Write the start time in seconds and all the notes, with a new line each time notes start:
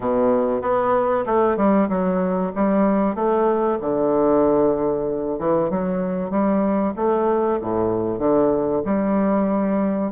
0.00 B2
0.61 B3
1.26 A3
1.56 G3
1.88 F#3
2.55 G3
3.15 A3
3.81 D3
5.38 E3
5.70 F#3
6.30 G3
6.96 A3
7.61 A2
8.18 D3
8.85 G3